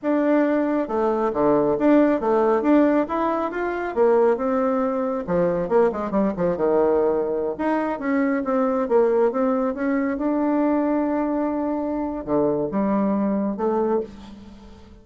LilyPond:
\new Staff \with { instrumentName = "bassoon" } { \time 4/4 \tempo 4 = 137 d'2 a4 d4 | d'4 a4 d'4 e'4 | f'4 ais4 c'2 | f4 ais8 gis8 g8 f8 dis4~ |
dis4~ dis16 dis'4 cis'4 c'8.~ | c'16 ais4 c'4 cis'4 d'8.~ | d'1 | d4 g2 a4 | }